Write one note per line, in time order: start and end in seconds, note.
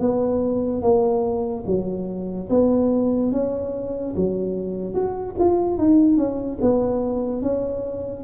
0.00 0.82 B3
0.82 1.64 A#3
1.67 2.49 F#3
2.50 3.32 B3
3.32 4.14 C#4
4.16 4.94 F#3
4.94 5.35 F#4
5.39 5.78 F4
5.78 6.17 D#4
6.17 6.58 C#4
6.61 7.42 B3
7.42 8.24 C#4